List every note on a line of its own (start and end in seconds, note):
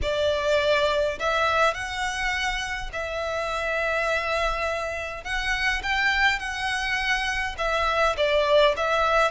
0.02 1.18 D5
1.19 1.74 E5
1.74 2.90 F#5
2.92 5.23 E5
5.23 5.82 F#5
5.83 6.39 G5
6.39 7.55 F#5
7.57 8.16 E5
8.17 8.75 D5
8.76 9.31 E5